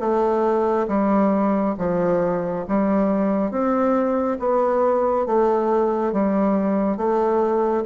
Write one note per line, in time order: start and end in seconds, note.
0.00 0.87 A3
0.88 1.75 G3
1.79 2.66 F3
2.68 3.51 G3
3.51 4.38 C4
4.40 5.26 B3
5.26 6.13 A3
6.13 6.97 G3
6.97 7.84 A3